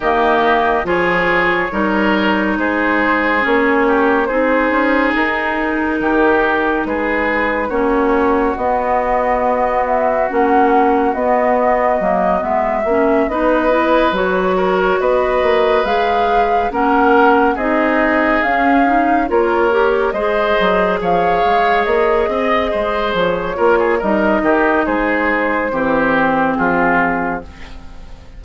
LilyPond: <<
  \new Staff \with { instrumentName = "flute" } { \time 4/4 \tempo 4 = 70 dis''4 cis''2 c''4 | cis''4 c''4 ais'2 | b'4 cis''4 dis''4. e''8 | fis''4 dis''4. e''4 dis''8~ |
dis''8 cis''4 dis''4 f''4 fis''8~ | fis''8 dis''4 f''4 cis''4 dis''8~ | dis''8 f''4 dis''4. cis''4 | dis''4 c''2 gis'4 | }
  \new Staff \with { instrumentName = "oboe" } { \time 4/4 g'4 gis'4 ais'4 gis'4~ | gis'8 g'8 gis'2 g'4 | gis'4 fis'2.~ | fis'2.~ fis'8 b'8~ |
b'4 ais'8 b'2 ais'8~ | ais'8 gis'2 ais'4 c''8~ | c''8 cis''4. dis''8 c''4 ais'16 gis'16 | ais'8 g'8 gis'4 g'4 f'4 | }
  \new Staff \with { instrumentName = "clarinet" } { \time 4/4 ais4 f'4 dis'2 | cis'4 dis'2.~ | dis'4 cis'4 b2 | cis'4 b4 ais8 b8 cis'8 dis'8 |
e'8 fis'2 gis'4 cis'8~ | cis'8 dis'4 cis'8 dis'8 f'8 g'8 gis'8~ | gis'2.~ gis'8 f'8 | dis'2 c'2 | }
  \new Staff \with { instrumentName = "bassoon" } { \time 4/4 dis4 f4 g4 gis4 | ais4 c'8 cis'8 dis'4 dis4 | gis4 ais4 b2 | ais4 b4 fis8 gis8 ais8 b8~ |
b8 fis4 b8 ais8 gis4 ais8~ | ais8 c'4 cis'4 ais4 gis8 | fis8 f8 gis8 ais8 c'8 gis8 f8 ais8 | g8 dis8 gis4 e4 f4 | }
>>